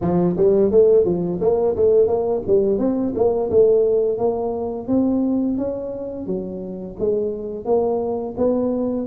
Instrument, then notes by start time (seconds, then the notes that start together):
tuba
0.01 F3
0.36 G3
0.71 A3
1.04 F3
1.40 A#3
1.75 A3
2.07 A#3
2.46 G3
2.78 C4
3.15 A#3
3.50 A3
4.17 A#3
4.87 C4
5.57 C#4
6.26 F#3
6.99 G#3
7.65 A#3
8.37 B3